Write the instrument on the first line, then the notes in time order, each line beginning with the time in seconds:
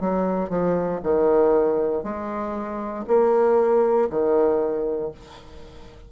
bassoon
0.00 F#3
0.49 F3
1.03 D#3
2.03 G#3
3.07 A#3
4.10 D#3